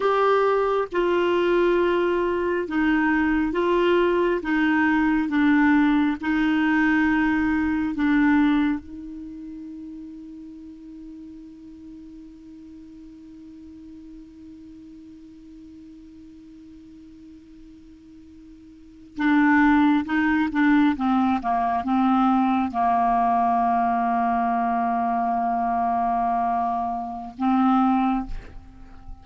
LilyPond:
\new Staff \with { instrumentName = "clarinet" } { \time 4/4 \tempo 4 = 68 g'4 f'2 dis'4 | f'4 dis'4 d'4 dis'4~ | dis'4 d'4 dis'2~ | dis'1~ |
dis'1~ | dis'4.~ dis'16 d'4 dis'8 d'8 c'16~ | c'16 ais8 c'4 ais2~ ais16~ | ais2. c'4 | }